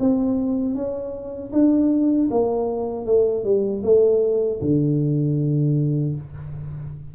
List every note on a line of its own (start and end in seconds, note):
0.00 0.75 C4
0.75 1.52 C#4
1.53 2.30 D4
2.31 3.06 A#3
3.06 3.44 A3
3.44 3.83 G3
3.84 4.60 A3
4.62 6.15 D3